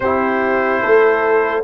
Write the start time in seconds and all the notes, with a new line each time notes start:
0.00 C4 E4 G4 C5
0.81 A3 A4